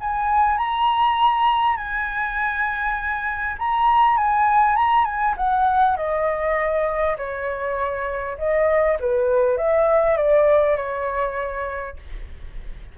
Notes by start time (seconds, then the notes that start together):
0.00 G#5
0.58 A#5
1.77 G#5
3.59 A#5
4.17 G#5
4.76 A#5
5.05 G#5
5.37 F#5
5.96 D#5
7.17 C#5
8.38 D#5
8.99 B4
9.57 E5
10.17 D5
10.76 C#5